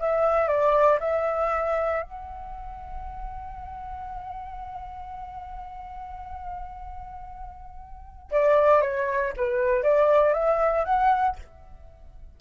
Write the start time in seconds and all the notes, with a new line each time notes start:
0.00 E5
0.48 D5
1.00 E5
2.03 F#5
8.31 D5
8.82 C#5
9.37 B4
9.83 D5
10.34 E5
10.85 F#5